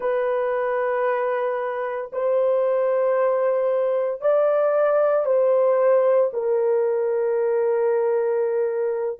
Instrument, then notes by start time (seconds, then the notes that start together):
horn
0.00 B4
2.12 C5
4.21 D5
5.25 C5
6.33 A#4